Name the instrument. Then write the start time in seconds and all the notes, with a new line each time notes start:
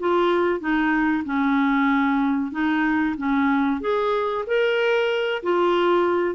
clarinet
0.00 F4
0.60 D#4
1.25 C#4
2.52 D#4
3.18 C#4
3.81 G#4
4.47 A#4
5.43 F4